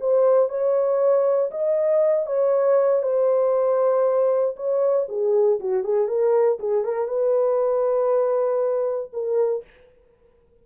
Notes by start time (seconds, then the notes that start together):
0.00 C5
0.49 C#5
1.51 D#5
2.26 C#5
3.03 C5
4.56 C#5
5.08 G#4
5.60 F#4
5.83 G#4
6.07 A#4
6.59 G#4
6.84 A#4
7.07 B4
9.12 A#4